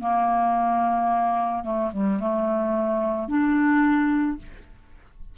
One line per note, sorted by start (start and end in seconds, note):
0.00 1.64 A#3
1.64 1.91 A3
1.93 2.20 G3
2.20 3.28 A3
3.28 4.37 D4